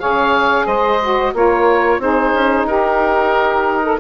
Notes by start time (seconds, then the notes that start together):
0.00 C#3 G#4 C#5 F5
0.66 G#3 C5 D#5
1.02 F#4
1.34 A#3 F4 A#4 C#5
1.99 C4 D#4 G#4 C5
2.34 C#4
2.64 D#4 G4 A#4
3.84 A4